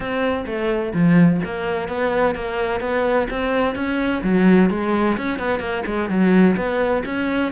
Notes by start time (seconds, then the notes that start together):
0.00 C4
0.46 A3
0.94 F3
1.44 A#3
1.88 B3
2.35 A#3
2.80 B3
3.29 C4
3.75 C#4
4.23 F#3
4.70 G#3
5.17 C#4
5.38 B3
5.59 A#3
5.86 G#3
6.09 F#3
6.56 B3
7.05 C#4